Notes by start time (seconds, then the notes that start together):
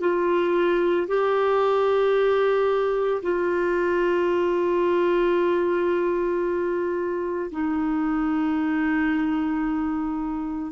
0.00 F4
1.08 G4
3.22 F4
7.51 D#4